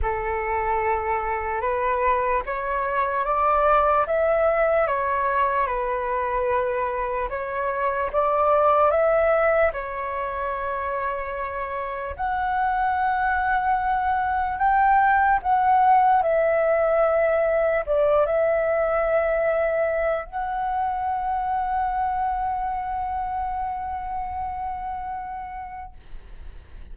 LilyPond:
\new Staff \with { instrumentName = "flute" } { \time 4/4 \tempo 4 = 74 a'2 b'4 cis''4 | d''4 e''4 cis''4 b'4~ | b'4 cis''4 d''4 e''4 | cis''2. fis''4~ |
fis''2 g''4 fis''4 | e''2 d''8 e''4.~ | e''4 fis''2.~ | fis''1 | }